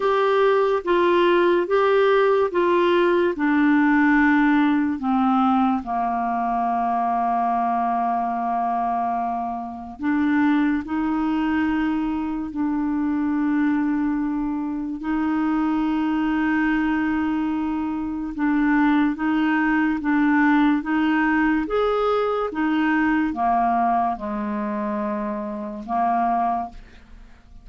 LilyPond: \new Staff \with { instrumentName = "clarinet" } { \time 4/4 \tempo 4 = 72 g'4 f'4 g'4 f'4 | d'2 c'4 ais4~ | ais1 | d'4 dis'2 d'4~ |
d'2 dis'2~ | dis'2 d'4 dis'4 | d'4 dis'4 gis'4 dis'4 | ais4 gis2 ais4 | }